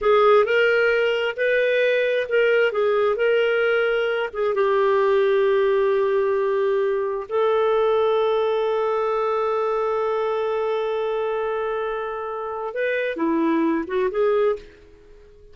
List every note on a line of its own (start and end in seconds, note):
0.01 0.44 G#4
0.44 1.35 A#4
1.36 2.27 B4
2.28 2.72 A#4
2.72 3.15 G#4
3.15 4.29 A#4
4.33 4.54 G#4
4.54 7.27 G4
7.29 12.74 A4
12.74 13.16 B4
13.16 13.84 E4
13.87 14.10 F#4
14.10 14.56 G#4